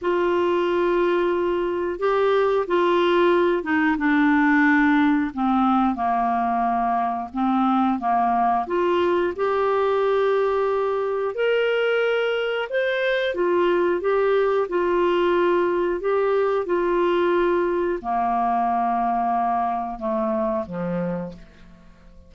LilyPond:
\new Staff \with { instrumentName = "clarinet" } { \time 4/4 \tempo 4 = 90 f'2. g'4 | f'4. dis'8 d'2 | c'4 ais2 c'4 | ais4 f'4 g'2~ |
g'4 ais'2 c''4 | f'4 g'4 f'2 | g'4 f'2 ais4~ | ais2 a4 f4 | }